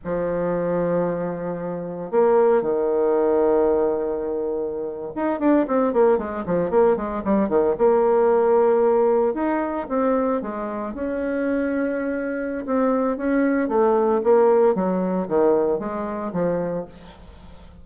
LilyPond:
\new Staff \with { instrumentName = "bassoon" } { \time 4/4 \tempo 4 = 114 f1 | ais4 dis2.~ | dis4.~ dis16 dis'8 d'8 c'8 ais8 gis16~ | gis16 f8 ais8 gis8 g8 dis8 ais4~ ais16~ |
ais4.~ ais16 dis'4 c'4 gis16~ | gis8. cis'2.~ cis'16 | c'4 cis'4 a4 ais4 | fis4 dis4 gis4 f4 | }